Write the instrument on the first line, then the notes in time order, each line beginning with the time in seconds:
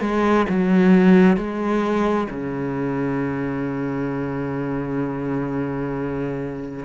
cello
0.00 G#3
0.49 F#3
1.36 G#3
2.30 C#3